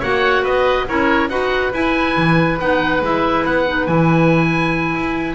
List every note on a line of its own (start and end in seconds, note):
0.00 0.44 A#3
0.00 0.88 F#4
0.00 0.43 C#5
0.00 0.45 F#5
0.43 0.87 B3
0.43 0.86 B4
0.43 0.88 D#5
0.88 1.29 C#4
0.88 1.29 E4
0.88 1.31 A#4
0.88 1.30 C#5
1.29 1.72 D#4
1.29 1.72 F#4
1.29 5.35 B4
1.29 1.72 F#5
1.73 2.59 E4
1.73 2.16 E4
1.73 2.60 G#5
2.17 2.60 E3
2.59 3.02 B3
2.59 3.02 D#4
2.59 3.03 F#5
3.02 3.44 G#3
3.02 3.67 E4
3.02 3.46 E5
3.46 3.88 B3
3.46 3.87 F#5
3.67 3.87 D#4
3.87 4.95 E3
3.87 5.35 E4
3.87 5.35 G#5
4.95 5.35 E4